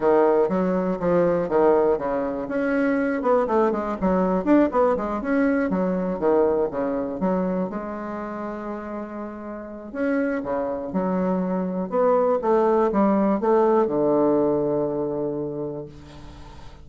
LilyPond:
\new Staff \with { instrumentName = "bassoon" } { \time 4/4 \tempo 4 = 121 dis4 fis4 f4 dis4 | cis4 cis'4. b8 a8 gis8 | fis4 d'8 b8 gis8 cis'4 fis8~ | fis8 dis4 cis4 fis4 gis8~ |
gis1 | cis'4 cis4 fis2 | b4 a4 g4 a4 | d1 | }